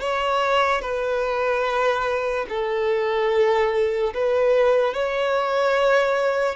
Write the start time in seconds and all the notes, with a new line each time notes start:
0.00 C#5
0.81 B4
2.49 A4
4.14 B4
4.94 C#5